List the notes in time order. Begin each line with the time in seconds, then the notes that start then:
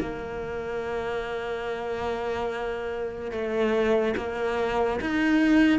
0.00 A#3
3.31 A3
4.16 A#3
5.00 D#4